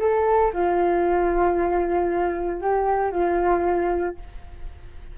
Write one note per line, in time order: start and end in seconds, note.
0.00 0.52 A4
0.53 2.61 F4
2.61 3.12 G4
3.12 4.16 F4